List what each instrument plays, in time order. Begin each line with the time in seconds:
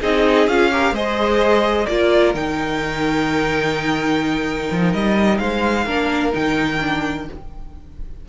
0.00 cello C4, viola D#4, violin G#4 D#5
0.47 cello C#4, viola F4, violin F5
0.71 viola G4, violin A#4
0.92 cello G#3, viola G#4, violin C5 D#5
1.85 cello A#3, viola F4, violin A#4 D5
2.34 cello D#3, viola D#4, violin G5
4.71 cello F3
4.92 cello G3, violin D#5
5.38 cello G#3, violin C5 F5
5.84 cello A#3, viola D4, violin A#4
6.32 cello D#3, viola D#4, violin G5
6.80 viola D4